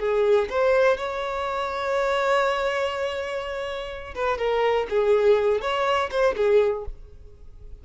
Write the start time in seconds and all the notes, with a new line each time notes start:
0.00 G#4
0.50 C5
0.98 C#5
4.16 B4
4.39 A#4
4.90 G#4
5.62 C#5
6.11 C5
6.37 G#4